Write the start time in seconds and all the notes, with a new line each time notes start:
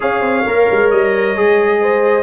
0.00 C#4 G#4 C#5 F5
0.21 C4
0.45 A#3 A#4
0.71 G#3
0.90 G3 D#5
1.36 G#3 G#4
1.80 C5